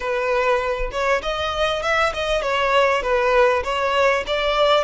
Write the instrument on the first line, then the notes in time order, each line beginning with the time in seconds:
violin
0.00 B4
0.91 C#5
1.22 D#5
1.82 E5
2.13 D#5
2.42 C#5
3.02 B4
3.63 C#5
4.26 D5